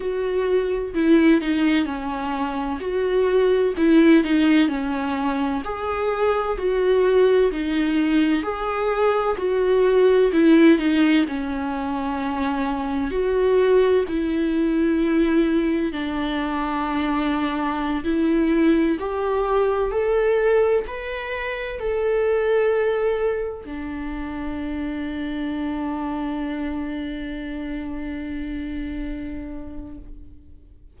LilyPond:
\new Staff \with { instrumentName = "viola" } { \time 4/4 \tempo 4 = 64 fis'4 e'8 dis'8 cis'4 fis'4 | e'8 dis'8 cis'4 gis'4 fis'4 | dis'4 gis'4 fis'4 e'8 dis'8 | cis'2 fis'4 e'4~ |
e'4 d'2~ d'16 e'8.~ | e'16 g'4 a'4 b'4 a'8.~ | a'4~ a'16 d'2~ d'8.~ | d'1 | }